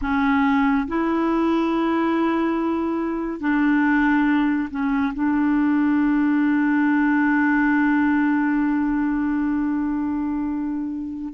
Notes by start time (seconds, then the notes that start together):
0.01 C#4
0.87 E4
3.40 D4
4.70 C#4
5.14 D4